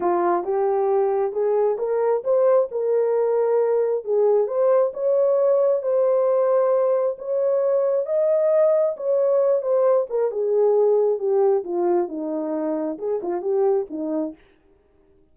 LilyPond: \new Staff \with { instrumentName = "horn" } { \time 4/4 \tempo 4 = 134 f'4 g'2 gis'4 | ais'4 c''4 ais'2~ | ais'4 gis'4 c''4 cis''4~ | cis''4 c''2. |
cis''2 dis''2 | cis''4. c''4 ais'8 gis'4~ | gis'4 g'4 f'4 dis'4~ | dis'4 gis'8 f'8 g'4 dis'4 | }